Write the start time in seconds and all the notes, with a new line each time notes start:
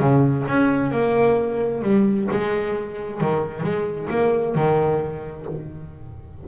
0.00 C#3
0.48 C#4
0.92 A#3
1.82 G3
2.31 G#3
3.21 D#3
3.63 G#3
4.10 A#3
4.56 D#3